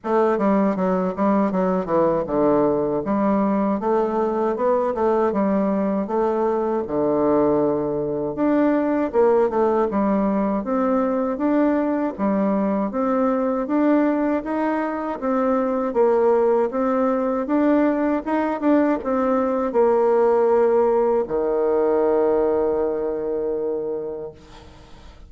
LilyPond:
\new Staff \with { instrumentName = "bassoon" } { \time 4/4 \tempo 4 = 79 a8 g8 fis8 g8 fis8 e8 d4 | g4 a4 b8 a8 g4 | a4 d2 d'4 | ais8 a8 g4 c'4 d'4 |
g4 c'4 d'4 dis'4 | c'4 ais4 c'4 d'4 | dis'8 d'8 c'4 ais2 | dis1 | }